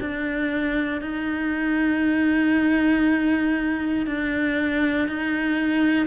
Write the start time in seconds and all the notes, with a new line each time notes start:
0.00 D4
1.01 D#4
4.06 D4
5.08 D#4